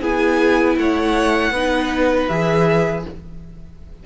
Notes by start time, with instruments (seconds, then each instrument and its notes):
0.00 cello B3, viola E4, violin G#4 G#5
0.77 cello A3, violin C#5 F#5
1.51 cello B3, viola D#4, violin B4
2.27 cello E3, viola G#4, violin E5